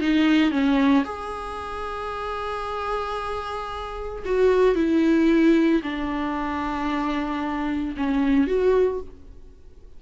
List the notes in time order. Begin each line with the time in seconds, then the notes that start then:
0.00 D#4
0.51 C#4
1.04 G#4
4.25 F#4
4.75 E4
5.83 D4
7.96 C#4
8.47 F#4